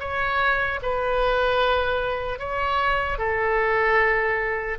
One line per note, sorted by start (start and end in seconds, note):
0.00 0.80 C#5
0.82 2.39 B4
2.39 3.18 C#5
3.18 4.78 A4